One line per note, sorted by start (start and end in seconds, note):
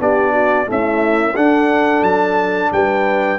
0.00 0.68 B3
0.00 0.66 D4
0.00 0.32 G4
0.00 0.70 D5
0.32 0.66 F#4
0.66 1.34 A3
0.66 1.36 C#4
0.66 1.34 E4
0.66 1.36 E5
1.34 3.39 D4
1.34 2.02 D4
1.34 2.70 A4
1.34 2.03 F#5
2.02 2.70 F#3
2.02 2.72 A5
2.72 3.39 G3
2.72 3.39 B4
2.72 3.39 G5